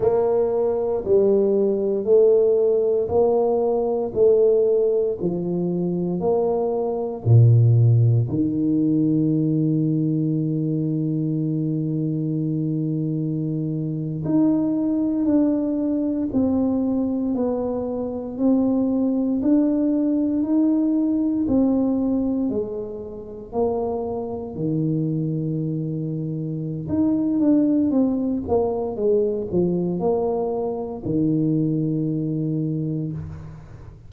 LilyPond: \new Staff \with { instrumentName = "tuba" } { \time 4/4 \tempo 4 = 58 ais4 g4 a4 ais4 | a4 f4 ais4 ais,4 | dis1~ | dis4.~ dis16 dis'4 d'4 c'16~ |
c'8. b4 c'4 d'4 dis'16~ | dis'8. c'4 gis4 ais4 dis16~ | dis2 dis'8 d'8 c'8 ais8 | gis8 f8 ais4 dis2 | }